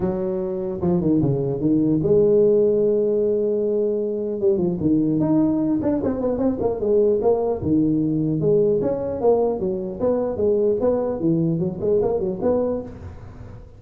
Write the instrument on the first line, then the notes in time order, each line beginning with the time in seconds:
tuba
0.00 F#3
0.81 F3
1.00 D#3
1.21 C#3
1.60 D#3
2.02 G#3
4.40 G3
4.57 F3
4.80 D#3
5.20 D#4
5.82 D4
6.03 C4
6.21 B3
6.37 C4
6.59 A#3
6.80 G#3
7.21 A#3
7.61 D#3
8.40 G#3
8.81 C#4
9.20 A#3
9.59 F#3
10.00 B3
10.37 G#3
10.80 B3
11.19 E3
11.59 F#3
11.81 G#3
12.02 A#3
12.19 F#3
12.41 B3